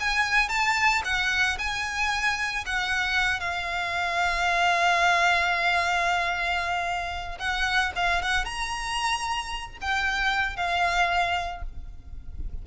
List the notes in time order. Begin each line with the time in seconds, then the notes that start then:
0.00 G#5
0.49 A5
1.05 F#5
1.58 G#5
2.66 F#5
3.40 F5
7.39 F#5
7.96 F5
8.22 F#5
8.45 A#5
9.81 G5
10.56 F5